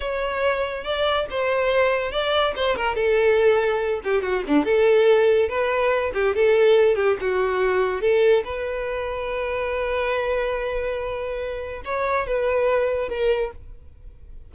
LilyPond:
\new Staff \with { instrumentName = "violin" } { \time 4/4 \tempo 4 = 142 cis''2 d''4 c''4~ | c''4 d''4 c''8 ais'8 a'4~ | a'4. g'8 fis'8 d'8 a'4~ | a'4 b'4. g'8 a'4~ |
a'8 g'8 fis'2 a'4 | b'1~ | b'1 | cis''4 b'2 ais'4 | }